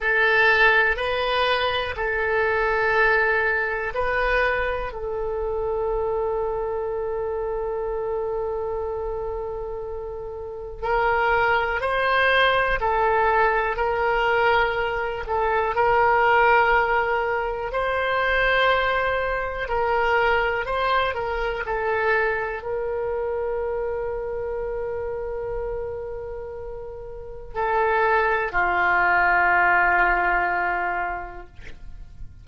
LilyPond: \new Staff \with { instrumentName = "oboe" } { \time 4/4 \tempo 4 = 61 a'4 b'4 a'2 | b'4 a'2.~ | a'2. ais'4 | c''4 a'4 ais'4. a'8 |
ais'2 c''2 | ais'4 c''8 ais'8 a'4 ais'4~ | ais'1 | a'4 f'2. | }